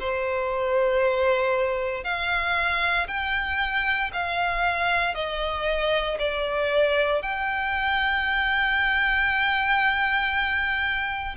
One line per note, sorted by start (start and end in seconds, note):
0.00 2.04 C5
2.04 3.07 F5
3.08 4.11 G5
4.13 5.14 F5
5.14 6.18 D#5
6.19 7.22 D5
7.22 11.36 G5